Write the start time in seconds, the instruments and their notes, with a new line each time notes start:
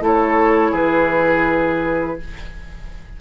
0.00 bassoon A3, clarinet E4, oboe A4, flute C#5
0.71 bassoon E3, oboe G#4, flute B4